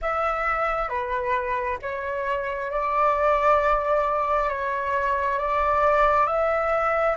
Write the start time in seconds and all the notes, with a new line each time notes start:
0.01 E5
0.88 B4
1.82 C#5
2.71 D5
4.49 C#5
5.38 D5
6.26 E5